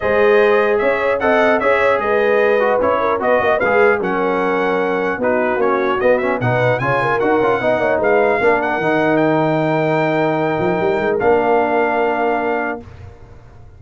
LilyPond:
<<
  \new Staff \with { instrumentName = "trumpet" } { \time 4/4 \tempo 4 = 150 dis''2 e''4 fis''4 | e''4 dis''2 cis''4 | dis''4 f''4 fis''2~ | fis''4 b'4 cis''4 dis''8 e''8 |
fis''4 gis''4 fis''2 | f''4. fis''4. g''4~ | g''1 | f''1 | }
  \new Staff \with { instrumentName = "horn" } { \time 4/4 c''2 cis''4 dis''4 | cis''4 b'2~ b'8 ais'8 | b'8 dis''8 b'4 ais'2~ | ais'4 fis'2. |
b'4 cis''8 ais'4. dis''8 cis''8 | b'4 ais'2.~ | ais'1~ | ais'1 | }
  \new Staff \with { instrumentName = "trombone" } { \time 4/4 gis'2. a'4 | gis'2~ gis'8 fis'8 e'4 | fis'4 gis'4 cis'2~ | cis'4 dis'4 cis'4 b8 cis'8 |
dis'4 f'4 fis'8 f'8 dis'4~ | dis'4 d'4 dis'2~ | dis'1 | d'1 | }
  \new Staff \with { instrumentName = "tuba" } { \time 4/4 gis2 cis'4 c'4 | cis'4 gis2 cis'4 | b8 ais8 gis4 fis2~ | fis4 b4 ais4 b4 |
b,4 cis4 dis'8 cis'8 b8 ais8 | gis4 ais4 dis2~ | dis2~ dis8 f8 g8 gis8 | ais1 | }
>>